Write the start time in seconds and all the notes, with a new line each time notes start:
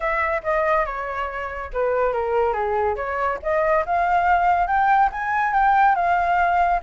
0.00 E5
0.43 D#5
0.85 C#5
1.73 B4
2.12 A#4
2.53 G#4
2.96 C#5
3.42 D#5
3.85 F5
4.67 G5
5.11 G#5
5.53 G5
5.95 F5